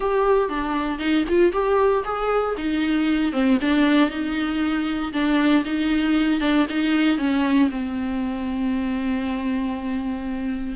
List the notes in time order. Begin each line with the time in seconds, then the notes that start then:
0.00 G4
0.49 D4
0.99 D#4
1.28 F4
1.52 G4
2.04 G#4
2.57 D#4
3.32 C4
3.61 D4
4.10 D#4
5.12 D4
5.64 D#4
6.40 D4
6.69 D#4
7.18 C#4
7.70 C4